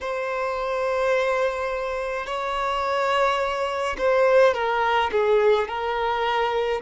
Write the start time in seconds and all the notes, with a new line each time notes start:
0.00 C5
2.26 C#5
3.98 C5
4.53 A#4
5.11 G#4
5.68 A#4